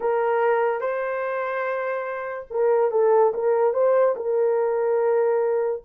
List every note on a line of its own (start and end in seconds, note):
0.00 0.80 A#4
0.80 2.47 C5
2.50 2.91 A#4
2.91 3.33 A4
3.33 3.73 A#4
3.73 4.15 C5
4.16 5.83 A#4